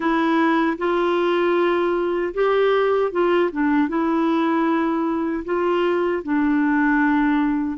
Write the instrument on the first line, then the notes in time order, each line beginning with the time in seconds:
clarinet
0.00 E4
0.78 F4
2.34 G4
3.11 F4
3.51 D4
3.88 E4
5.44 F4
6.22 D4